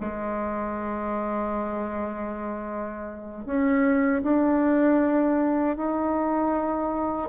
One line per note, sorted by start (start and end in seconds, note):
0.00 3.45 G#3
3.45 4.22 C#4
4.23 5.76 D4
5.76 7.29 D#4